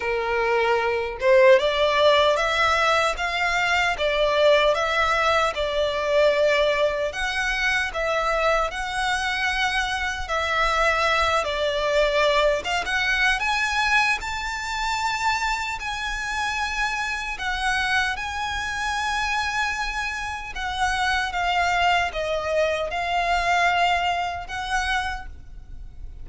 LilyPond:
\new Staff \with { instrumentName = "violin" } { \time 4/4 \tempo 4 = 76 ais'4. c''8 d''4 e''4 | f''4 d''4 e''4 d''4~ | d''4 fis''4 e''4 fis''4~ | fis''4 e''4. d''4. |
f''16 fis''8. gis''4 a''2 | gis''2 fis''4 gis''4~ | gis''2 fis''4 f''4 | dis''4 f''2 fis''4 | }